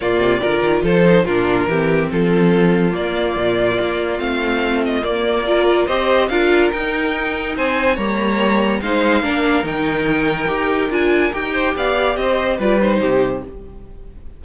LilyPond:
<<
  \new Staff \with { instrumentName = "violin" } { \time 4/4 \tempo 4 = 143 d''2 c''4 ais'4~ | ais'4 a'2 d''4~ | d''2 f''4. dis''8 | d''2 dis''4 f''4 |
g''2 gis''4 ais''4~ | ais''4 f''2 g''4~ | g''2 gis''4 g''4 | f''4 dis''4 d''8 c''4. | }
  \new Staff \with { instrumentName = "violin" } { \time 4/4 f'4 ais'4 a'4 f'4 | g'4 f'2.~ | f'1~ | f'4 ais'4 c''4 ais'4~ |
ais'2 c''4 cis''4~ | cis''4 c''4 ais'2~ | ais'2.~ ais'8 c''8 | d''4 c''4 b'4 g'4 | }
  \new Staff \with { instrumentName = "viola" } { \time 4/4 ais4 f'4. dis'8 d'4 | c'2. ais4~ | ais2 c'2 | ais4 f'4 g'4 f'4 |
dis'2. ais4~ | ais4 dis'4 d'4 dis'4~ | dis'4 g'4 f'4 g'4~ | g'2 f'8 dis'4. | }
  \new Staff \with { instrumentName = "cello" } { \time 4/4 ais,8 c8 d8 dis8 f4 ais,4 | e4 f2 ais4 | ais,4 ais4 a2 | ais2 c'4 d'4 |
dis'2 c'4 g4~ | g4 gis4 ais4 dis4~ | dis4 dis'4 d'4 dis'4 | b4 c'4 g4 c4 | }
>>